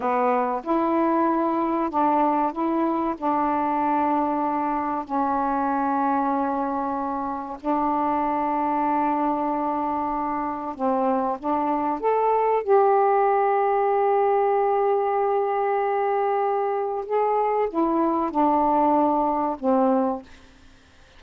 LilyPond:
\new Staff \with { instrumentName = "saxophone" } { \time 4/4 \tempo 4 = 95 b4 e'2 d'4 | e'4 d'2. | cis'1 | d'1~ |
d'4 c'4 d'4 a'4 | g'1~ | g'2. gis'4 | e'4 d'2 c'4 | }